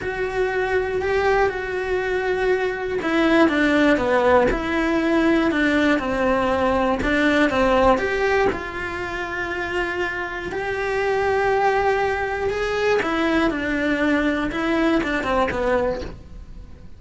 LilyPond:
\new Staff \with { instrumentName = "cello" } { \time 4/4 \tempo 4 = 120 fis'2 g'4 fis'4~ | fis'2 e'4 d'4 | b4 e'2 d'4 | c'2 d'4 c'4 |
g'4 f'2.~ | f'4 g'2.~ | g'4 gis'4 e'4 d'4~ | d'4 e'4 d'8 c'8 b4 | }